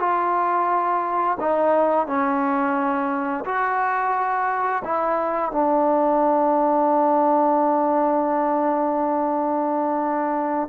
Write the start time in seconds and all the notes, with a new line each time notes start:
0.00 F4
1.40 D#4
2.07 C#4
3.45 F#4
4.84 E4
5.52 D4